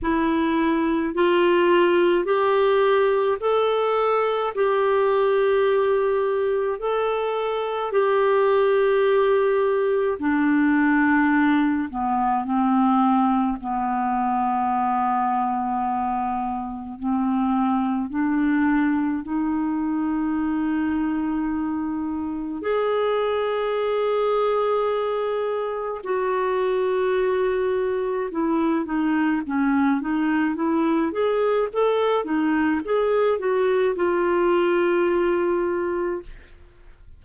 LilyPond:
\new Staff \with { instrumentName = "clarinet" } { \time 4/4 \tempo 4 = 53 e'4 f'4 g'4 a'4 | g'2 a'4 g'4~ | g'4 d'4. b8 c'4 | b2. c'4 |
d'4 dis'2. | gis'2. fis'4~ | fis'4 e'8 dis'8 cis'8 dis'8 e'8 gis'8 | a'8 dis'8 gis'8 fis'8 f'2 | }